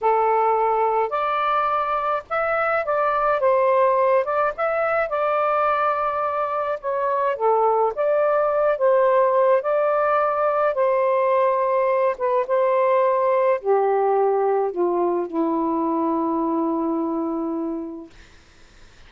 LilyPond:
\new Staff \with { instrumentName = "saxophone" } { \time 4/4 \tempo 4 = 106 a'2 d''2 | e''4 d''4 c''4. d''8 | e''4 d''2. | cis''4 a'4 d''4. c''8~ |
c''4 d''2 c''4~ | c''4. b'8 c''2 | g'2 f'4 e'4~ | e'1 | }